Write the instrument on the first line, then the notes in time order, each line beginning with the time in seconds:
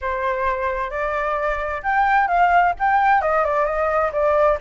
flute
0.01 C5
0.90 D5
1.82 G5
2.27 F5
2.79 G5
3.21 D#5
3.44 D5
3.65 D#5
4.12 D5